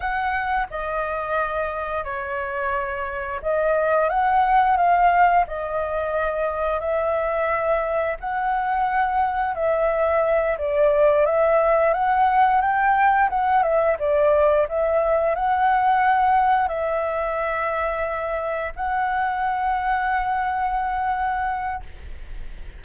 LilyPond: \new Staff \with { instrumentName = "flute" } { \time 4/4 \tempo 4 = 88 fis''4 dis''2 cis''4~ | cis''4 dis''4 fis''4 f''4 | dis''2 e''2 | fis''2 e''4. d''8~ |
d''8 e''4 fis''4 g''4 fis''8 | e''8 d''4 e''4 fis''4.~ | fis''8 e''2. fis''8~ | fis''1 | }